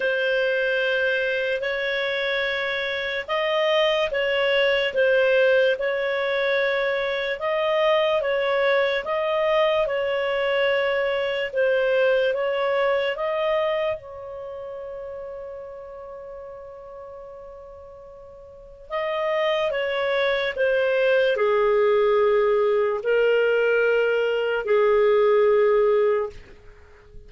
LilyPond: \new Staff \with { instrumentName = "clarinet" } { \time 4/4 \tempo 4 = 73 c''2 cis''2 | dis''4 cis''4 c''4 cis''4~ | cis''4 dis''4 cis''4 dis''4 | cis''2 c''4 cis''4 |
dis''4 cis''2.~ | cis''2. dis''4 | cis''4 c''4 gis'2 | ais'2 gis'2 | }